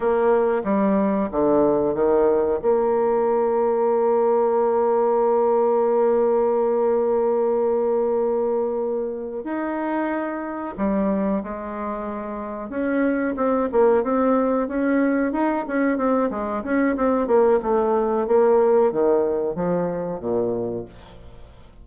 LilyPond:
\new Staff \with { instrumentName = "bassoon" } { \time 4/4 \tempo 4 = 92 ais4 g4 d4 dis4 | ais1~ | ais1~ | ais2~ ais8 dis'4.~ |
dis'8 g4 gis2 cis'8~ | cis'8 c'8 ais8 c'4 cis'4 dis'8 | cis'8 c'8 gis8 cis'8 c'8 ais8 a4 | ais4 dis4 f4 ais,4 | }